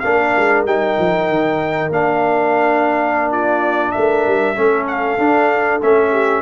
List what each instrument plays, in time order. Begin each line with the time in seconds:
0.00 tuba A#3, trombone D4, horn A#4, trumpet F5
0.37 tuba G#3
0.65 tuba G3, trombone D#4, trumpet G5
0.99 tuba F3
1.29 tuba D#3
1.89 tuba A#3, trombone D4, trumpet F5
3.32 horn F4, trumpet D5
3.92 tuba A3, horn A#4, trumpet E5
4.26 tuba G3
4.56 tuba A3, trombone C#4, horn A4
4.87 trumpet F5
5.18 tuba D4, trombone D4
5.82 tuba A3, trombone C#4, trumpet E5
6.11 horn G4